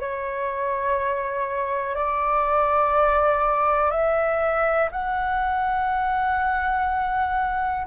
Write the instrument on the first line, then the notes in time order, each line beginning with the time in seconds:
flute
0.00 C#5
1.95 D5
3.91 E5
4.92 F#5